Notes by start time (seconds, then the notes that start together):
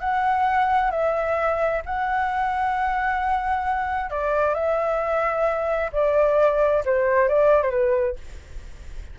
0.00 F#5
0.91 E5
1.85 F#5
4.10 D5
4.54 E5
5.92 D5
6.85 C5
7.28 D5
7.62 C5
7.70 B4